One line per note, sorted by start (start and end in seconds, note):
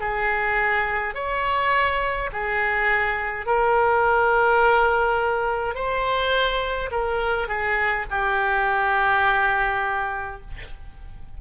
0.00 1.14 G#4
1.14 2.30 C#5
2.32 3.46 G#4
3.46 5.74 A#4
5.74 6.90 C5
6.91 7.47 A#4
7.47 8.05 G#4
8.10 10.41 G4